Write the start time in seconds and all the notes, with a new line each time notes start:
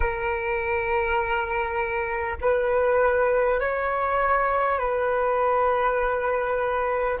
0.00 A#4
2.41 B4
3.60 C#5
4.78 B4